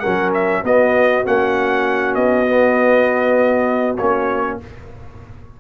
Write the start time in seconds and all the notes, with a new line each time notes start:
0.00 F#3 C#4 A#4 F#5
0.34 E5
0.64 B3 F#4 D#5
1.25 A#3 C#4 F#5
2.15 B3 D#5
2.46 B3
3.97 A#3 C#4 C#5